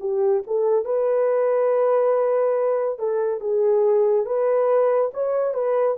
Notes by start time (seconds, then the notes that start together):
0.00 G4
0.47 A4
0.85 B4
2.99 A4
3.41 G#4
4.26 B4
5.14 C#5
5.54 B4